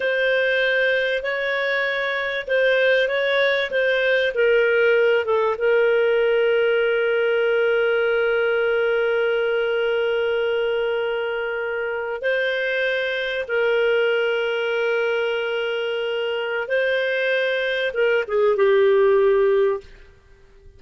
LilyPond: \new Staff \with { instrumentName = "clarinet" } { \time 4/4 \tempo 4 = 97 c''2 cis''2 | c''4 cis''4 c''4 ais'4~ | ais'8 a'8 ais'2.~ | ais'1~ |
ais'2.~ ais'8. c''16~ | c''4.~ c''16 ais'2~ ais'16~ | ais'2. c''4~ | c''4 ais'8 gis'8 g'2 | }